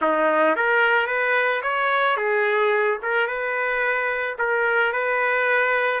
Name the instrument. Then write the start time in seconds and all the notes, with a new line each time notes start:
trumpet
0.01 D#4
0.56 A#4
1.07 B4
1.62 C#5
2.16 G#4
3.02 A#4
3.27 B4
4.38 A#4
4.92 B4